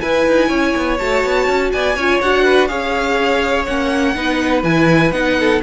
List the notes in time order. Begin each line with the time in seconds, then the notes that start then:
0.00 E4 B4 G#5
0.27 D#4
0.48 C#4 C#5
0.76 B3
0.98 A3 F#4 A5
1.24 B3
1.48 C#4
1.72 B3 D5 G#5
1.95 C#4 F4 C#5
2.21 D4 F#4 F#5
2.44 B4
2.67 C#4 G#4 C#5 F5
3.65 A#3 C#4 F#5
4.15 B3 D#4 B4
4.63 E3 E4 G#5
5.12 B3 D#4 F#5
5.40 A4